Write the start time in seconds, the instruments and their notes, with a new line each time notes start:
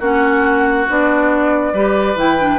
0.00 bassoon A#3, clarinet C#4, oboe F#4, flute F#5
0.89 bassoon B3, clarinet D4, flute D5
1.74 bassoon G3, clarinet G4, oboe B4
2.16 bassoon E3, clarinet E4, flute G5
2.39 clarinet D4